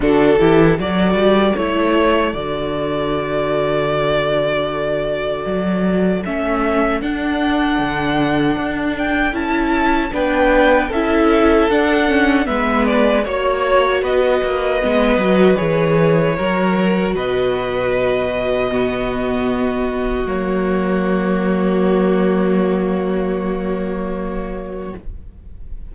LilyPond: <<
  \new Staff \with { instrumentName = "violin" } { \time 4/4 \tempo 4 = 77 a'4 d''4 cis''4 d''4~ | d''1 | e''4 fis''2~ fis''8 g''8 | a''4 g''4 e''4 fis''4 |
e''8 d''8 cis''4 dis''2 | cis''2 dis''2~ | dis''2 cis''2~ | cis''1 | }
  \new Staff \with { instrumentName = "violin" } { \time 4/4 fis'8 g'8 a'2.~ | a'1~ | a'1~ | a'4 b'4 a'2 |
b'4 cis''4 b'2~ | b'4 ais'4 b'2 | fis'1~ | fis'1 | }
  \new Staff \with { instrumentName = "viola" } { \time 4/4 d'8 e'8 fis'4 e'4 fis'4~ | fis'1 | cis'4 d'2. | e'4 d'4 e'4 d'8 cis'8 |
b4 fis'2 b8 fis'8 | gis'4 fis'2. | b2 ais2~ | ais1 | }
  \new Staff \with { instrumentName = "cello" } { \time 4/4 d8 e8 fis8 g8 a4 d4~ | d2. fis4 | a4 d'4 d4 d'4 | cis'4 b4 cis'4 d'4 |
gis4 ais4 b8 ais8 gis8 fis8 | e4 fis4 b,2~ | b,2 fis2~ | fis1 | }
>>